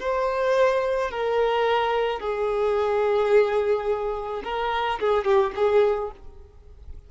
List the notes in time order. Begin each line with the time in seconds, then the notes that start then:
0.00 C5
1.11 A#4
2.20 G#4
4.44 A#4
5.00 G#4
5.25 G4
5.56 G#4